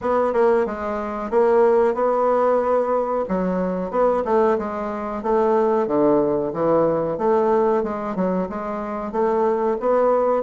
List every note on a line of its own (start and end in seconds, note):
0.01 0.33 B3
0.33 0.66 A#3
0.66 1.30 G#3
1.30 1.94 A#3
1.94 3.24 B3
3.28 3.90 F#3
3.90 4.23 B3
4.25 4.57 A3
4.58 5.22 G#3
5.22 5.87 A3
5.87 6.52 D3
6.53 7.18 E3
7.18 7.83 A3
7.83 8.15 G#3
8.15 8.48 F#3
8.49 9.12 G#3
9.12 9.77 A3
9.79 10.43 B3